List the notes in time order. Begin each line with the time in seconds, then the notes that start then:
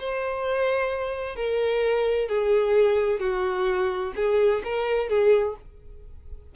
0.00 C5
1.36 A#4
2.29 G#4
3.20 F#4
4.16 G#4
4.65 A#4
5.10 G#4